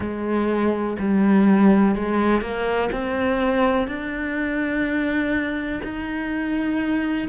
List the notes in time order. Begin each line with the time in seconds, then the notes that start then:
0.00 G#3
0.99 G3
1.95 G#3
2.41 A#3
2.92 C4
3.87 D4
5.83 D#4